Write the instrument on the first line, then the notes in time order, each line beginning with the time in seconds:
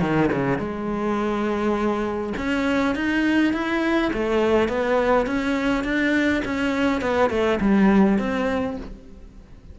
cello
0.00 D#3
0.32 C#3
0.58 G#3
2.37 C#4
2.95 D#4
3.53 E4
4.13 A3
4.68 B3
5.26 C#4
5.84 D4
6.44 C#4
7.01 B3
7.30 A3
7.60 G3
8.18 C4